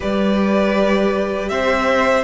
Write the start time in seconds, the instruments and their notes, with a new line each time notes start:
0.00 cello G3, viola G4, violin B4 D5
1.48 cello C4, violin C5 E5